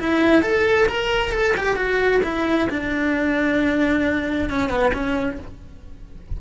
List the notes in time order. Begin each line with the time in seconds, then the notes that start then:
0.00 E4
0.43 A4
0.89 A#4
1.32 A4
1.57 G4
1.76 F#4
2.24 E4
2.70 D4
4.50 C#4
4.70 B3
4.94 C#4